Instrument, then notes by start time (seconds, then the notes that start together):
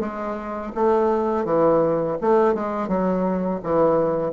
bassoon
0.00 G#3
0.75 A3
1.45 E3
2.21 A3
2.54 G#3
2.88 F#3
3.63 E3